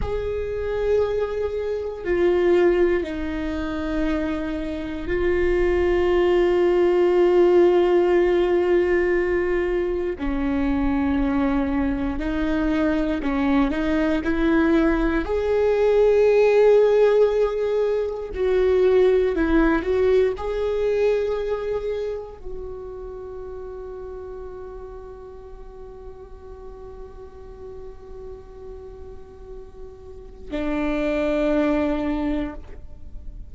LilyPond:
\new Staff \with { instrumentName = "viola" } { \time 4/4 \tempo 4 = 59 gis'2 f'4 dis'4~ | dis'4 f'2.~ | f'2 cis'2 | dis'4 cis'8 dis'8 e'4 gis'4~ |
gis'2 fis'4 e'8 fis'8 | gis'2 fis'2~ | fis'1~ | fis'2 d'2 | }